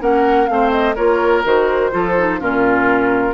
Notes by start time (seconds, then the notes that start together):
0.00 A#3 C#4 A#4 F#5
0.47 A3 C4 C5 F5
0.71 D#5
0.95 A#3 F4 A#4 C#5
1.44 D#3 F#4 C5
1.91 F3 F4 A4
2.18 D#4
2.40 A#2 C#4 F4 A#4